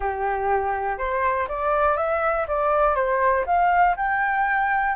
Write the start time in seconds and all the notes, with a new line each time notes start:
0.00 G4
0.98 C5
1.48 D5
1.96 E5
2.47 D5
2.95 C5
3.46 F5
3.96 G5